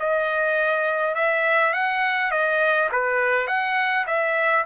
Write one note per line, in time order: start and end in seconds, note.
0.00 1.15 D#5
1.15 1.74 E5
1.74 2.32 F#5
2.32 2.90 D#5
2.93 3.48 B4
3.48 4.06 F#5
4.08 4.66 E5